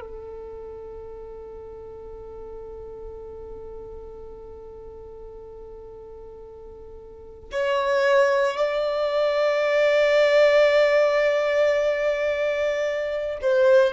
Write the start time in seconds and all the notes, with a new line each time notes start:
0.00 A4
7.51 C#5
8.57 D5
13.41 C5